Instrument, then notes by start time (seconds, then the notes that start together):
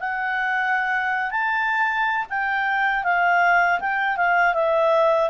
clarinet
0.00 F#5
1.31 A5
2.30 G5
3.04 F5
3.80 G5
4.17 F5
4.54 E5